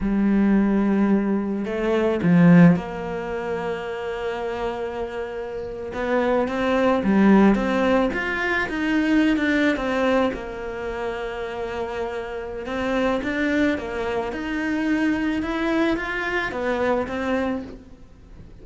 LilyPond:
\new Staff \with { instrumentName = "cello" } { \time 4/4 \tempo 4 = 109 g2. a4 | f4 ais2.~ | ais2~ ais8. b4 c'16~ | c'8. g4 c'4 f'4 dis'16~ |
dis'4 d'8. c'4 ais4~ ais16~ | ais2. c'4 | d'4 ais4 dis'2 | e'4 f'4 b4 c'4 | }